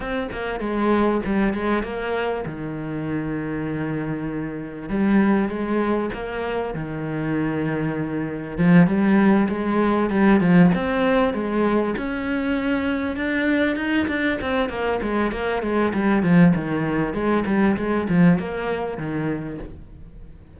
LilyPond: \new Staff \with { instrumentName = "cello" } { \time 4/4 \tempo 4 = 98 c'8 ais8 gis4 g8 gis8 ais4 | dis1 | g4 gis4 ais4 dis4~ | dis2 f8 g4 gis8~ |
gis8 g8 f8 c'4 gis4 cis'8~ | cis'4. d'4 dis'8 d'8 c'8 | ais8 gis8 ais8 gis8 g8 f8 dis4 | gis8 g8 gis8 f8 ais4 dis4 | }